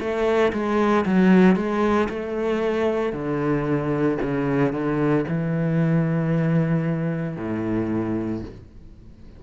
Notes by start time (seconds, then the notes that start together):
0.00 A3
0.53 G#3
1.06 F#3
1.56 G#3
2.10 A3
3.13 D3
4.22 C#3
4.73 D3
5.29 E3
7.37 A2